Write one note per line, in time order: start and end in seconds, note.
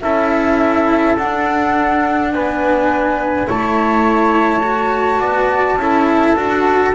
0.00 1.17 C#4
0.00 1.18 E4
0.00 2.33 A4
0.00 1.15 E5
1.17 2.32 D4
1.17 3.46 D4
1.17 2.32 F#5
2.33 3.48 B3
2.33 3.48 B4
2.33 3.48 G#5
3.46 5.20 A3
3.46 4.62 E4
3.46 5.20 C#5
3.46 6.94 A5
4.63 5.78 F#4
5.20 5.76 B3
5.20 5.77 D5
5.76 6.34 C#4
5.76 6.36 E4
5.76 6.94 A4
6.36 6.93 D4
6.36 6.94 F#4